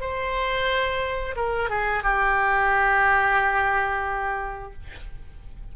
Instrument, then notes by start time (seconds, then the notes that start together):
oboe
0.00 C5
1.36 A#4
1.69 G#4
2.03 G4